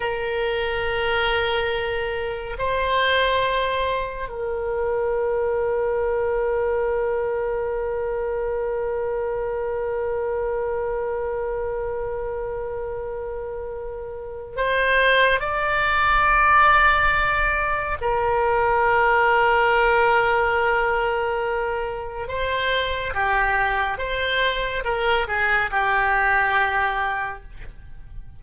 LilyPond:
\new Staff \with { instrumentName = "oboe" } { \time 4/4 \tempo 4 = 70 ais'2. c''4~ | c''4 ais'2.~ | ais'1~ | ais'1~ |
ais'4 c''4 d''2~ | d''4 ais'2.~ | ais'2 c''4 g'4 | c''4 ais'8 gis'8 g'2 | }